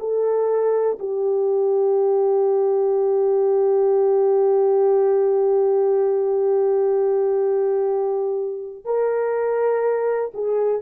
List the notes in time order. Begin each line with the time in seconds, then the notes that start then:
0.00 A4
1.00 G4
8.85 A#4
10.34 G#4